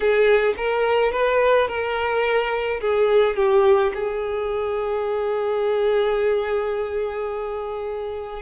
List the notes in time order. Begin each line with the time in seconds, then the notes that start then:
0.00 G#4
0.57 A#4
1.12 B4
1.68 A#4
2.80 G#4
3.36 G4
3.94 G#4